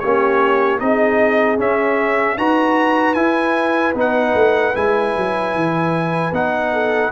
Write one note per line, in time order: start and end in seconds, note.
0.00 0.81 A#3
0.00 0.79 C#4
0.00 0.81 G4
0.00 0.79 C#5
0.79 1.59 C4
0.79 1.58 D#4
0.79 2.37 G#4
0.79 1.59 D#5
1.58 2.37 C#4
1.58 2.38 E5
2.37 3.15 D#4
2.37 3.15 F#4
2.37 6.72 B4
2.37 3.14 A#5
3.14 3.94 E4
3.14 3.93 G#5
3.94 4.34 B3
3.94 4.74 D#4
3.94 4.75 F#5
4.34 4.74 A3
4.74 5.15 G#3
4.74 6.32 E4
4.74 6.33 G#5
5.17 5.55 F#3
5.55 6.32 E3
6.32 7.11 B3
6.32 7.12 D#4
6.32 7.12 F#5
6.72 7.12 A4